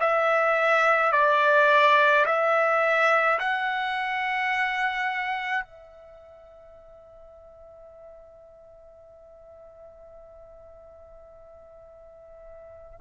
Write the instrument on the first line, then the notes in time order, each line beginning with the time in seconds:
trumpet
0.00 E5
1.12 D5
2.25 E5
3.39 F#5
5.64 E5